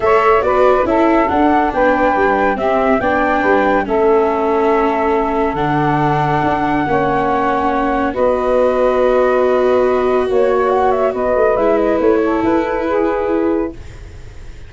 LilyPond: <<
  \new Staff \with { instrumentName = "flute" } { \time 4/4 \tempo 4 = 140 e''4 d''4 e''4 fis''4 | g''2 e''4 g''4~ | g''4 e''2.~ | e''4 fis''2.~ |
fis''2. dis''4~ | dis''1 | cis''4 fis''8 e''8 dis''4 e''8 dis''8 | cis''4 b'2. | }
  \new Staff \with { instrumentName = "saxophone" } { \time 4/4 cis''4 b'4 a'2 | b'2 g'4 d''4 | b'4 a'2.~ | a'1 |
cis''2. b'4~ | b'1 | cis''2 b'2~ | b'8 a'4. gis'2 | }
  \new Staff \with { instrumentName = "viola" } { \time 4/4 a'4 fis'4 e'4 d'4~ | d'2 c'4 d'4~ | d'4 cis'2.~ | cis'4 d'2. |
cis'2. fis'4~ | fis'1~ | fis'2. e'4~ | e'1 | }
  \new Staff \with { instrumentName = "tuba" } { \time 4/4 a4 b4 cis'4 d'4 | b4 g4 c'4 b4 | g4 a2.~ | a4 d2 d'4 |
ais2. b4~ | b1 | ais2 b8 a8 gis4 | a4 e'2. | }
>>